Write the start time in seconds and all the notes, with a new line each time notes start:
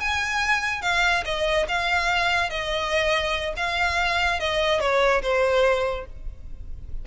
0.00 G#5
0.82 F5
1.25 D#5
1.69 F5
2.50 D#5
3.57 F5
4.40 D#5
4.81 C#5
5.23 C5